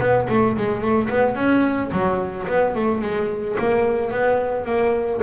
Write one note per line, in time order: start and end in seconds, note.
0.00 0.28 B3
0.29 0.57 A3
0.57 0.81 G#3
0.81 1.08 A3
1.09 1.35 B3
1.35 1.90 C#4
1.92 2.47 F#3
2.47 2.75 B3
2.75 3.02 A3
3.02 3.57 G#3
3.59 4.11 A#3
4.11 4.65 B3
4.65 5.20 A#3